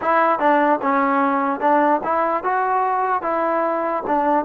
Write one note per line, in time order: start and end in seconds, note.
0.01 0.39 E4
0.39 0.79 D4
0.81 1.60 C#4
1.60 2.00 D4
2.03 2.43 E4
2.43 3.22 F#4
3.22 4.03 E4
4.06 4.45 D4